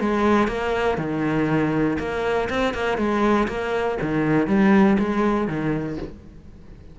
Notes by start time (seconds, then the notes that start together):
0.00 G#3
0.48 A#3
0.98 D#3
1.99 A#3
2.50 C4
2.74 A#3
2.98 G#3
3.48 A#3
4.02 D#3
4.47 G3
4.99 G#3
5.47 D#3